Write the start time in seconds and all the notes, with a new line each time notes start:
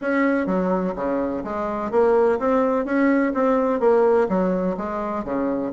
0.01 C#4
0.46 F#3
0.95 C#3
1.44 G#3
1.91 A#3
2.39 C4
2.85 C#4
3.34 C4
3.79 A#3
4.29 F#3
4.77 G#3
5.24 C#3